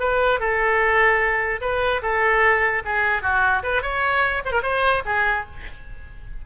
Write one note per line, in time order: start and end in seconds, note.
0.00 0.40 B4
0.40 1.61 A4
1.61 2.02 B4
2.02 2.83 A4
2.85 3.23 G#4
3.23 3.63 F#4
3.63 3.82 B4
3.82 4.43 C#5
4.45 4.52 C5
4.52 4.62 A#4
4.63 5.03 C5
5.06 5.46 G#4